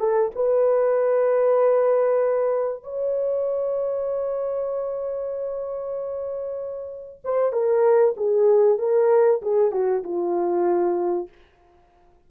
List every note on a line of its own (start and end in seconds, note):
0.00 0.31 A4
0.36 2.83 B4
2.83 7.21 C#5
7.24 7.53 C5
7.53 8.15 A#4
8.17 8.79 G#4
8.79 9.41 A#4
9.42 9.72 G#4
9.72 10.03 F#4
10.04 11.29 F4